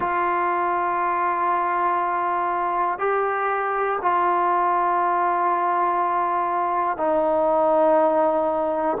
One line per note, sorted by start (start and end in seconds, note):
0.00 2.99 F4
2.99 3.99 G4
4.01 6.97 F4
6.97 8.97 D#4